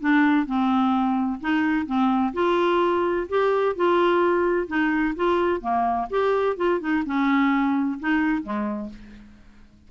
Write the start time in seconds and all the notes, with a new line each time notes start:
0.00 D4
0.46 C4
1.40 D#4
1.86 C4
2.33 F4
3.29 G4
3.75 F4
4.67 D#4
5.15 F4
5.61 A#3
6.10 G4
6.56 F4
6.80 D#4
7.05 C#4
7.99 D#4
8.42 G#3